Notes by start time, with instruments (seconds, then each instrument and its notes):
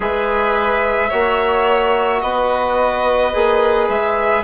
0.00 bassoon G#3, trombone G#4, violin B4 E5
1.09 bassoon A#3, trombone F#4, violin C#5
2.21 bassoon B3, violin B4 D#5
3.33 bassoon A#3, trombone G#4
3.88 bassoon G#3, violin E5